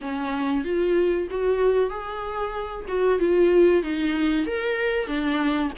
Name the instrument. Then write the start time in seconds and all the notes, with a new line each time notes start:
viola
0.01 C#4
0.64 F4
1.30 F#4
1.90 G#4
2.88 F#4
3.19 F4
3.82 D#4
4.46 A#4
5.07 D4